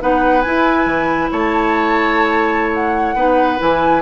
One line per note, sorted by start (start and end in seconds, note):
0.00 0.45 B3
0.00 0.43 D#4
0.00 1.31 B4
0.00 0.41 F#5
0.41 3.16 E4
0.41 0.86 E4
0.41 1.28 G#5
0.86 1.29 E3
1.31 3.15 A3
1.31 3.15 C#5
1.31 2.73 A5
2.73 3.60 F#5
3.15 3.58 B3
3.15 3.58 D#4
3.15 4.02 B4
3.58 4.02 E3
3.58 4.02 E4
3.58 4.02 G#5